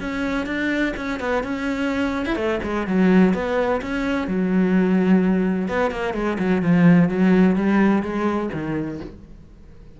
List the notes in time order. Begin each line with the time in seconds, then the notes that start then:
0.00 C#4
0.46 D4
0.96 C#4
1.19 B3
1.43 C#4
2.25 E4
2.35 A3
2.63 G#3
2.87 F#3
3.33 B3
3.81 C#4
4.27 F#3
5.68 B3
5.91 A#3
6.14 G#3
6.38 F#3
6.62 F3
7.09 F#3
7.56 G3
8.02 G#3
8.53 D#3